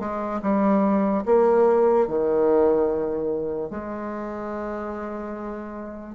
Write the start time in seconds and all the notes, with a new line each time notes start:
0.00 G#3
0.43 G3
1.26 A#3
2.08 D#3
3.71 G#3